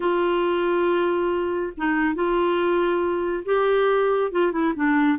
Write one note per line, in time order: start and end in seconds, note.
0.00 1.72 F4
1.77 2.14 D#4
2.14 3.44 F4
3.45 4.31 G4
4.31 4.52 F4
4.52 4.73 E4
4.75 5.18 D4